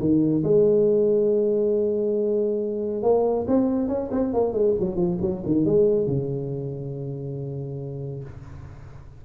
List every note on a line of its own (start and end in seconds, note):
0.00 0.43 D#3
0.44 3.03 G#3
3.03 3.46 A#3
3.48 3.88 C4
3.88 4.10 C#4
4.12 4.33 C4
4.33 4.53 A#3
4.53 4.75 G#3
4.80 4.96 F#3
4.96 5.18 F3
5.21 5.43 F#3
5.46 5.66 D#3
5.66 6.07 G#3
6.07 8.24 C#3